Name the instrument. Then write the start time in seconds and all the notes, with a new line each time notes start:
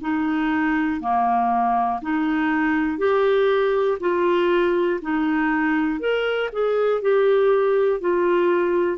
clarinet
0.00 D#4
1.00 A#3
2.01 D#4
2.98 G4
4.00 F4
5.01 D#4
5.99 A#4
6.52 G#4
7.01 G4
8.00 F4